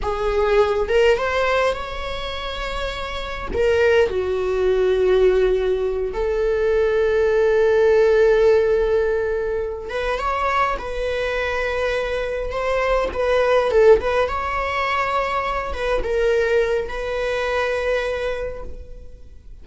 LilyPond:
\new Staff \with { instrumentName = "viola" } { \time 4/4 \tempo 4 = 103 gis'4. ais'8 c''4 cis''4~ | cis''2 ais'4 fis'4~ | fis'2~ fis'8 a'4.~ | a'1~ |
a'4 b'8 cis''4 b'4.~ | b'4. c''4 b'4 a'8 | b'8 cis''2~ cis''8 b'8 ais'8~ | ais'4 b'2. | }